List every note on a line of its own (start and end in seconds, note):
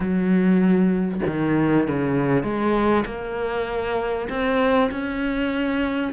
0.00 1.20 F#3
1.26 1.87 D#3
1.87 2.43 C#3
2.43 3.04 G#3
3.05 4.28 A#3
4.29 4.90 C4
4.91 6.13 C#4